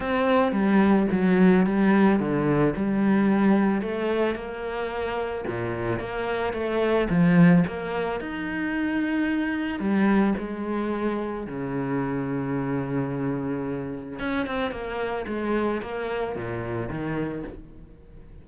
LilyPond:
\new Staff \with { instrumentName = "cello" } { \time 4/4 \tempo 4 = 110 c'4 g4 fis4 g4 | d4 g2 a4 | ais2 ais,4 ais4 | a4 f4 ais4 dis'4~ |
dis'2 g4 gis4~ | gis4 cis2.~ | cis2 cis'8 c'8 ais4 | gis4 ais4 ais,4 dis4 | }